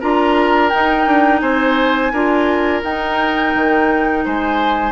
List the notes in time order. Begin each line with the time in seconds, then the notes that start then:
0.00 D4 F4 A#4 A#5
0.70 D#4 G5
1.07 D4
1.41 C4 C5 G#5
2.13 D4 F4 A#4
2.83 D#4 G5
3.55 D#3
4.25 G#3 C5 G#5